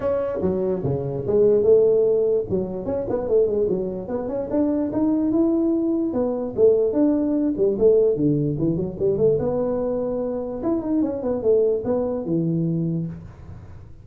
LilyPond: \new Staff \with { instrumentName = "tuba" } { \time 4/4 \tempo 4 = 147 cis'4 fis4 cis4 gis4 | a2 fis4 cis'8 b8 | a8 gis8 fis4 b8 cis'8 d'4 | dis'4 e'2 b4 |
a4 d'4. g8 a4 | d4 e8 fis8 g8 a8 b4~ | b2 e'8 dis'8 cis'8 b8 | a4 b4 e2 | }